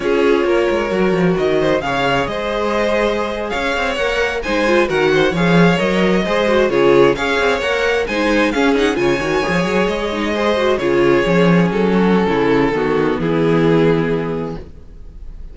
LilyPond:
<<
  \new Staff \with { instrumentName = "violin" } { \time 4/4 \tempo 4 = 132 cis''2. dis''4 | f''4 dis''2~ dis''8. f''16~ | f''8. fis''4 gis''4 fis''4 f''16~ | f''8. dis''2 cis''4 f''16~ |
f''8. fis''4 gis''4 f''8 fis''8 gis''16~ | gis''4.~ gis''16 dis''2 cis''16~ | cis''4.~ cis''16 a'2~ a'16~ | a'4 gis'2. | }
  \new Staff \with { instrumentName = "violin" } { \time 4/4 gis'4 ais'2~ ais'8 c''8 | cis''4 c''2~ c''8. cis''16~ | cis''4.~ cis''16 c''4 ais'8 c''8 cis''16~ | cis''4.~ cis''16 c''4 gis'4 cis''16~ |
cis''4.~ cis''16 c''4 gis'4 cis''16~ | cis''2~ cis''8. c''4 gis'16~ | gis'2~ gis'16 fis'8. e'4 | fis'4 e'2. | }
  \new Staff \with { instrumentName = "viola" } { \time 4/4 f'2 fis'2 | gis'1~ | gis'8. ais'4 dis'8 f'8 fis'4 gis'16~ | gis'8. ais'4 gis'8 fis'8 f'4 gis'16~ |
gis'8. ais'4 dis'4 cis'8 dis'8 f'16~ | f'16 fis'8 gis'4. dis'8 gis'8 fis'8 f'16~ | f'8. cis'2.~ cis'16 | b1 | }
  \new Staff \with { instrumentName = "cello" } { \time 4/4 cis'4 ais8 gis8 fis8 f8 dis4 | cis4 gis2~ gis8. cis'16~ | cis'16 c'8 ais4 gis4 dis4 f16~ | f8. fis4 gis4 cis4 cis'16~ |
cis'16 c'8 ais4 gis4 cis'4 cis16~ | cis16 dis8 f8 fis8 gis2 cis16~ | cis8. f4 fis4~ fis16 cis4 | dis4 e2. | }
>>